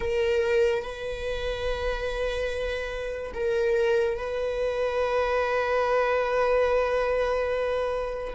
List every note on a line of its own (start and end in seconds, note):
0.00 0.82 A#4
0.82 3.32 B4
3.34 4.17 A#4
4.17 8.33 B4